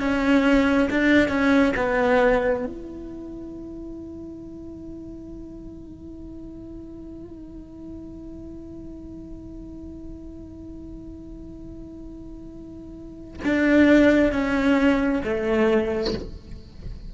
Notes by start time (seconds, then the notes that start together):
0.00 C#4
0.91 D4
1.29 C#4
1.77 B3
2.66 E4
13.45 D4
14.32 C#4
15.25 A3